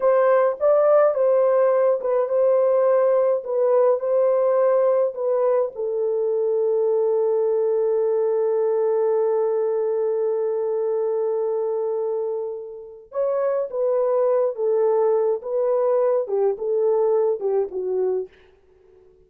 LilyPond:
\new Staff \with { instrumentName = "horn" } { \time 4/4 \tempo 4 = 105 c''4 d''4 c''4. b'8 | c''2 b'4 c''4~ | c''4 b'4 a'2~ | a'1~ |
a'1~ | a'2. cis''4 | b'4. a'4. b'4~ | b'8 g'8 a'4. g'8 fis'4 | }